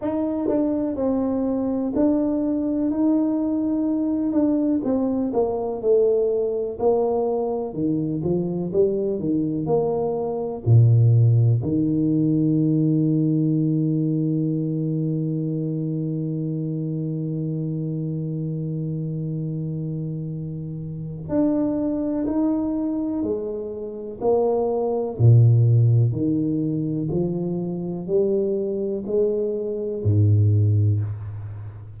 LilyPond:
\new Staff \with { instrumentName = "tuba" } { \time 4/4 \tempo 4 = 62 dis'8 d'8 c'4 d'4 dis'4~ | dis'8 d'8 c'8 ais8 a4 ais4 | dis8 f8 g8 dis8 ais4 ais,4 | dis1~ |
dis1~ | dis2 d'4 dis'4 | gis4 ais4 ais,4 dis4 | f4 g4 gis4 gis,4 | }